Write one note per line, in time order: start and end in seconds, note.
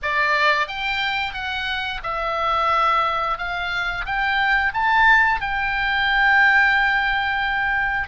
0.02 0.67 D5
0.67 1.33 G5
1.33 2.00 F#5
2.03 3.37 E5
3.37 4.05 F5
4.05 4.73 G5
4.73 5.40 A5
5.40 8.08 G5